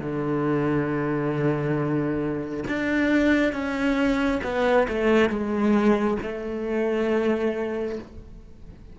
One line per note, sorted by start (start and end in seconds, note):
0.00 2.65 D3
2.68 3.53 D4
3.53 4.41 C#4
4.44 4.88 B3
4.89 5.30 A3
5.30 6.18 G#3
6.22 7.99 A3